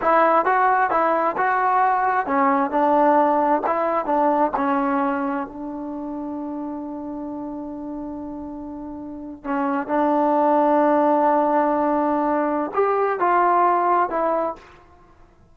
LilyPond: \new Staff \with { instrumentName = "trombone" } { \time 4/4 \tempo 4 = 132 e'4 fis'4 e'4 fis'4~ | fis'4 cis'4 d'2 | e'4 d'4 cis'2 | d'1~ |
d'1~ | d'8. cis'4 d'2~ d'16~ | d'1 | g'4 f'2 e'4 | }